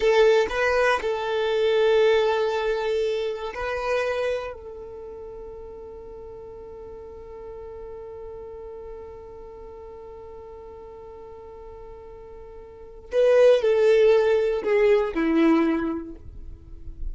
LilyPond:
\new Staff \with { instrumentName = "violin" } { \time 4/4 \tempo 4 = 119 a'4 b'4 a'2~ | a'2. b'4~ | b'4 a'2.~ | a'1~ |
a'1~ | a'1~ | a'2 b'4 a'4~ | a'4 gis'4 e'2 | }